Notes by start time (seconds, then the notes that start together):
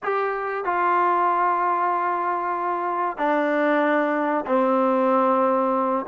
0.03 G4
0.64 F4
3.17 D4
4.46 C4